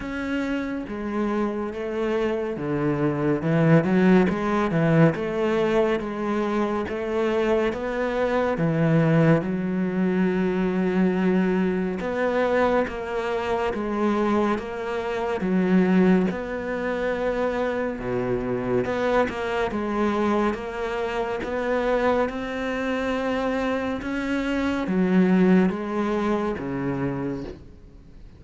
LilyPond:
\new Staff \with { instrumentName = "cello" } { \time 4/4 \tempo 4 = 70 cis'4 gis4 a4 d4 | e8 fis8 gis8 e8 a4 gis4 | a4 b4 e4 fis4~ | fis2 b4 ais4 |
gis4 ais4 fis4 b4~ | b4 b,4 b8 ais8 gis4 | ais4 b4 c'2 | cis'4 fis4 gis4 cis4 | }